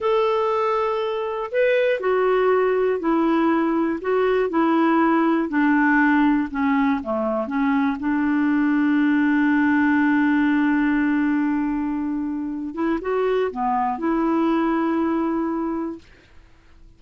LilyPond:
\new Staff \with { instrumentName = "clarinet" } { \time 4/4 \tempo 4 = 120 a'2. b'4 | fis'2 e'2 | fis'4 e'2 d'4~ | d'4 cis'4 a4 cis'4 |
d'1~ | d'1~ | d'4. e'8 fis'4 b4 | e'1 | }